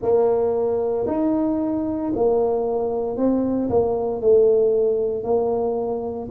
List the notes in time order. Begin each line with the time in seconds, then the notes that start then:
0.02 A#3
1.07 D#4
2.15 A#3
3.16 C4
3.69 A#3
4.21 A3
5.23 A#3